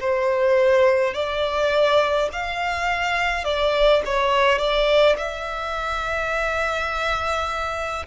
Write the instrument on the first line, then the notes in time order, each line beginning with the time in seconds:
violin
0.00 C5
1.14 D5
2.32 F5
3.45 D5
4.05 C#5
4.58 D5
5.18 E5